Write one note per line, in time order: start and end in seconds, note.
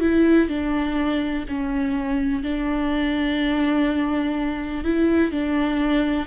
0.00 0.48 E4
0.49 1.46 D4
1.48 2.43 C#4
2.43 4.84 D4
4.84 5.31 E4
5.31 6.26 D4